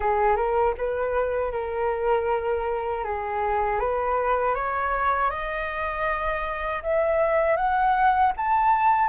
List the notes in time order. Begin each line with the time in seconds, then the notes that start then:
0.00 G#4
0.36 A#4
0.77 B4
1.52 A#4
3.03 G#4
3.79 B4
4.54 C#5
5.30 D#5
6.83 E5
7.56 F#5
8.36 A5